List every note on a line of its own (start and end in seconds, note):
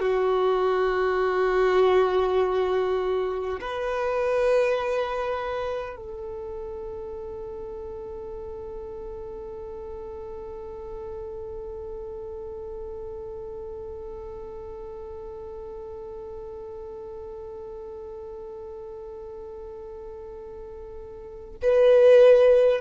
0.00 3.60 F#4
3.60 5.96 B4
5.96 21.56 A4
21.62 22.81 B4